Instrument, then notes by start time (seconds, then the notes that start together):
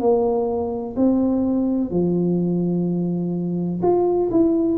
tuba
0.00 A#3
0.97 C4
1.91 F3
3.82 F4
4.31 E4